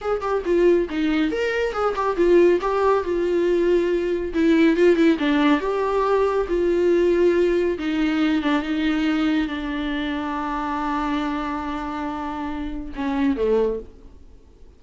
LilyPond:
\new Staff \with { instrumentName = "viola" } { \time 4/4 \tempo 4 = 139 gis'8 g'8 f'4 dis'4 ais'4 | gis'8 g'8 f'4 g'4 f'4~ | f'2 e'4 f'8 e'8 | d'4 g'2 f'4~ |
f'2 dis'4. d'8 | dis'2 d'2~ | d'1~ | d'2 cis'4 a4 | }